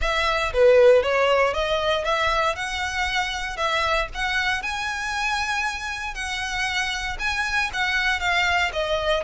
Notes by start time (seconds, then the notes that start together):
0.01 E5
0.53 B4
1.03 C#5
1.53 D#5
2.04 E5
2.55 F#5
3.56 E5
4.14 F#5
4.62 G#5
6.14 F#5
7.19 G#5
7.73 F#5
8.19 F5
8.72 D#5